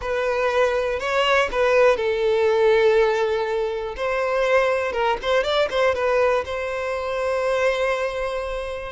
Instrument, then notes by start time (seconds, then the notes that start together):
violin
0.01 B4
0.99 C#5
1.51 B4
1.96 A4
3.96 C5
4.92 A#4
5.22 C5
5.43 D5
5.70 C5
5.94 B4
6.45 C5